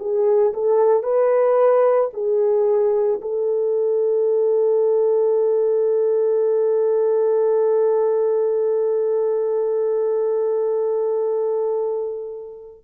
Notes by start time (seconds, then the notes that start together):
0.00 G#4
0.54 A4
1.04 B4
2.14 G#4
3.22 A4